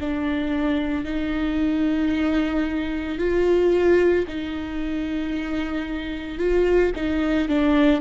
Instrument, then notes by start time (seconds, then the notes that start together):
viola
0.00 D4
1.04 D#4
3.18 F4
4.28 D#4
6.38 F4
6.95 D#4
7.48 D4